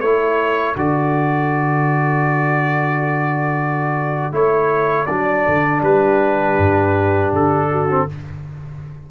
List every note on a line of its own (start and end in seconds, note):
0.00 0.75 A3
0.00 0.76 E4
0.00 5.81 A4
0.00 0.75 C#5
0.76 4.31 D3
0.76 4.32 F#4
0.76 4.34 D5
4.31 5.06 A3
4.31 5.07 E4
4.31 5.06 C#5
5.06 5.46 F#3
5.06 7.89 D4
5.06 5.81 D5
5.47 5.82 D3
5.81 6.57 G3
5.81 7.68 G4
5.81 7.33 B4
6.57 7.32 G2
7.33 8.08 D3
7.33 8.10 A4
7.70 8.08 F#4
7.89 8.08 C4